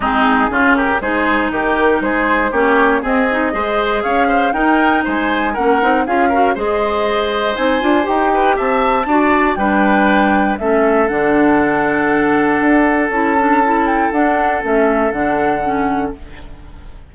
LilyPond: <<
  \new Staff \with { instrumentName = "flute" } { \time 4/4 \tempo 4 = 119 gis'4. ais'8 c''4 ais'4 | c''4 cis''4 dis''2 | f''4 g''4 gis''4 fis''4 | f''4 dis''2 gis''4 |
g''4 a''2 g''4~ | g''4 e''4 fis''2~ | fis''2 a''4. g''8 | fis''4 e''4 fis''2 | }
  \new Staff \with { instrumentName = "oboe" } { \time 4/4 dis'4 f'8 g'8 gis'4 g'4 | gis'4 g'4 gis'4 c''4 | cis''8 c''8 ais'4 c''4 ais'4 | gis'8 ais'8 c''2.~ |
c''8 b'8 e''4 d''4 b'4~ | b'4 a'2.~ | a'1~ | a'1 | }
  \new Staff \with { instrumentName = "clarinet" } { \time 4/4 c'4 cis'4 dis'2~ | dis'4 cis'4 c'8 dis'8 gis'4~ | gis'4 dis'2 cis'8 dis'8 | f'8 fis'8 gis'2 dis'8 f'8 |
g'2 fis'4 d'4~ | d'4 cis'4 d'2~ | d'2 e'8 d'8 e'4 | d'4 cis'4 d'4 cis'4 | }
  \new Staff \with { instrumentName = "bassoon" } { \time 4/4 gis4 cis4 gis4 dis4 | gis4 ais4 c'4 gis4 | cis'4 dis'4 gis4 ais8 c'8 | cis'4 gis2 c'8 d'8 |
dis'4 c'4 d'4 g4~ | g4 a4 d2~ | d4 d'4 cis'2 | d'4 a4 d2 | }
>>